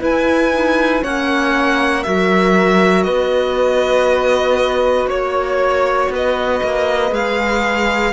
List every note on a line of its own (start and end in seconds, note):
0.00 0.51 E4
0.00 1.03 E4
0.00 1.03 B4
0.00 1.04 G#5
0.53 1.03 D#4
1.03 2.06 A#3
1.03 2.05 C#4
1.03 2.04 C#5
1.03 2.04 F#5
2.04 3.08 F#3
2.04 7.11 F#4
2.04 3.05 A#4
2.04 3.04 E5
3.04 5.07 B3
3.04 5.09 B4
3.04 5.07 D#5
5.07 6.08 A#3
5.07 6.10 C#5
5.07 6.12 C#5
6.10 6.61 B3
6.10 8.14 B4
6.10 7.14 D#5
6.64 7.12 A#3
7.11 8.13 G#3
7.11 8.12 G#4
7.11 8.14 F5